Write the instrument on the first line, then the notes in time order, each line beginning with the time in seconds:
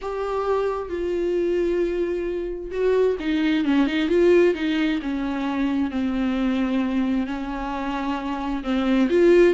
viola
0.01 G4
0.89 F4
2.71 F#4
3.19 D#4
3.64 C#4
3.86 D#4
4.08 F4
4.54 D#4
5.01 C#4
5.90 C4
7.26 C#4
8.63 C4
9.09 F4